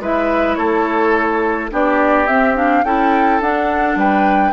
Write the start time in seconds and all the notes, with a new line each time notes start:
0.00 G#3 E4 B4 E5
0.55 A3 A4 C#5
1.71 B3 D4 G4 D5
2.27 C4 E5
2.56 D4 F5
2.84 C#4 E4 A4 G5
3.40 D4 F#5
3.96 G3 B4 G5